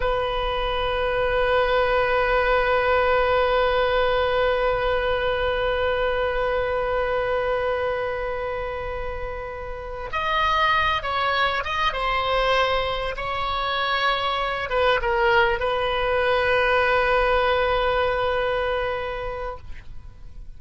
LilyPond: \new Staff \with { instrumentName = "oboe" } { \time 4/4 \tempo 4 = 98 b'1~ | b'1~ | b'1~ | b'1~ |
b'8 dis''4. cis''4 dis''8 c''8~ | c''4. cis''2~ cis''8 | b'8 ais'4 b'2~ b'8~ | b'1 | }